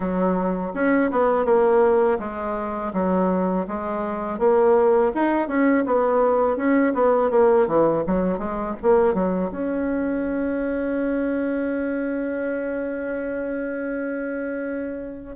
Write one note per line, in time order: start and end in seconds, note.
0.00 0.72 F#3
0.74 1.10 C#4
1.11 1.45 B3
1.45 2.18 A#3
2.19 2.92 G#3
2.93 3.66 F#3
3.68 4.38 G#3
4.38 5.12 A#3
5.14 5.47 D#4
5.47 5.84 C#4
5.86 6.56 B3
6.56 6.93 C#4
6.94 7.30 B3
7.30 7.67 A#3
7.67 8.03 E3
8.07 8.38 F#3
8.38 8.74 G#3
8.82 9.14 A#3
9.14 9.50 F#3
9.51 15.36 C#4